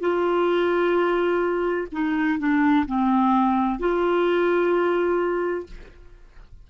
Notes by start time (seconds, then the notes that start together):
0.00 F4
1.92 D#4
2.39 D4
2.86 C4
3.79 F4